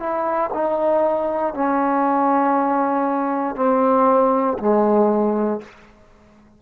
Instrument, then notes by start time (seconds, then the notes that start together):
trombone
0.00 E4
0.54 D#4
1.54 C#4
3.56 C4
4.59 G#3